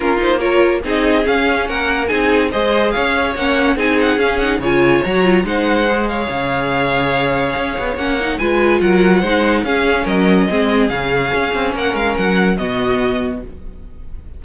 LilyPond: <<
  \new Staff \with { instrumentName = "violin" } { \time 4/4 \tempo 4 = 143 ais'8 c''8 cis''4 dis''4 f''4 | fis''4 gis''4 dis''4 f''4 | fis''4 gis''8 fis''8 f''8 fis''8 gis''4 | ais''4 fis''4. f''4.~ |
f''2. fis''4 | gis''4 fis''2 f''4 | dis''2 f''2 | fis''8 f''8 fis''4 dis''2 | }
  \new Staff \with { instrumentName = "violin" } { \time 4/4 f'4 ais'4 gis'2 | ais'4 gis'4 c''4 cis''4~ | cis''4 gis'2 cis''4~ | cis''4 c''4. cis''4.~ |
cis''1 | b'4 ais'4 c''4 gis'4 | ais'4 gis'2. | ais'2 fis'2 | }
  \new Staff \with { instrumentName = "viola" } { \time 4/4 cis'8 dis'8 f'4 dis'4 cis'4~ | cis'4 dis'4 gis'2 | cis'4 dis'4 cis'8 dis'8 f'4 | fis'8 f'8 dis'4 gis'2~ |
gis'2. cis'8 dis'8 | f'2 dis'4 cis'4~ | cis'4 c'4 cis'2~ | cis'2 b2 | }
  \new Staff \with { instrumentName = "cello" } { \time 4/4 ais2 c'4 cis'4 | ais4 c'4 gis4 cis'4 | ais4 c'4 cis'4 cis4 | fis4 gis2 cis4~ |
cis2 cis'8 b8 ais4 | gis4 fis4 gis4 cis'4 | fis4 gis4 cis4 cis'8 c'8 | ais8 gis8 fis4 b,2 | }
>>